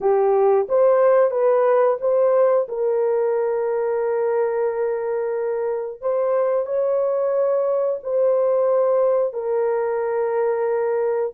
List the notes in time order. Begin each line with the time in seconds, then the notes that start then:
0.00 G4
0.68 C5
1.30 B4
2.00 C5
2.68 A#4
6.01 C5
6.65 C#5
8.03 C5
9.33 A#4